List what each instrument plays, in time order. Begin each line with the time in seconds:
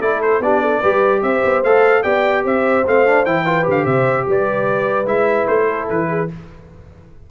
0.00 tuba A3, trombone E4, horn A4, trumpet D5
0.22 trumpet C5
0.40 tuba B3, trombone D4, horn G4, trumpet D5
0.62 horn A4
0.80 tuba G3, trombone G4, horn B4
1.23 tuba C4, horn C5, trumpet E5
1.45 tuba B3
1.64 tuba A3, trombone A4, trumpet F5
2.03 tuba B3, trombone G4, horn D5, trumpet G5
2.44 tuba C4, horn C5, trumpet E5
2.87 tuba A3, trombone C4, trumpet F5
3.06 trombone D4
3.26 tuba E3, trombone E4, trumpet G5
3.45 trombone F4, horn B4
3.64 tuba D3, trombone G4
3.71 trumpet F5
3.85 tuba C3, horn C5, trumpet E5
4.28 tuba G3, horn B4, trumpet D5
5.06 tuba G#3, trombone E4, trumpet E5
5.47 tuba A3, trumpet C5
5.67 horn A4
5.90 tuba E3, trumpet B4
6.09 horn G#4